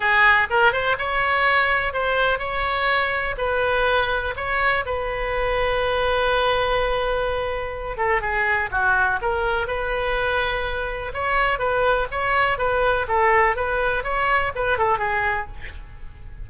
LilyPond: \new Staff \with { instrumentName = "oboe" } { \time 4/4 \tempo 4 = 124 gis'4 ais'8 c''8 cis''2 | c''4 cis''2 b'4~ | b'4 cis''4 b'2~ | b'1~ |
b'8 a'8 gis'4 fis'4 ais'4 | b'2. cis''4 | b'4 cis''4 b'4 a'4 | b'4 cis''4 b'8 a'8 gis'4 | }